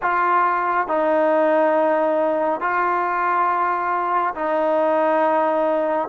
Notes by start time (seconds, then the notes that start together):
0.02 F4
0.87 D#4
2.60 F4
4.34 D#4